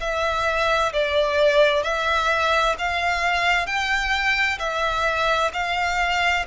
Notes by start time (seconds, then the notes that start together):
0.00 E5
0.93 D5
1.83 E5
2.79 F5
3.66 G5
4.59 E5
5.53 F5